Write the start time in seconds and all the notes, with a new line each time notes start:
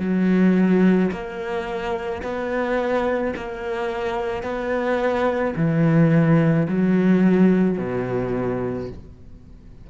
0.00 F#3
1.12 A#3
2.23 B3
3.36 A#3
4.43 B3
5.57 E3
6.68 F#3
7.78 B2